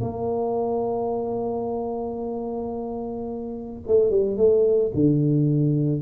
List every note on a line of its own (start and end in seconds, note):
0.00 3.82 A#3
3.87 4.10 A3
4.10 4.37 G3
4.37 4.91 A3
4.94 6.01 D3